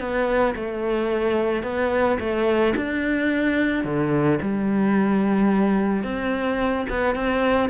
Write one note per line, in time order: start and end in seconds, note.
0.00 0.55 B3
0.56 1.63 A3
1.63 2.18 B3
2.19 2.74 A3
2.76 3.84 D4
3.84 4.39 D3
4.42 6.04 G3
6.04 6.86 C4
6.90 7.15 B3
7.15 7.70 C4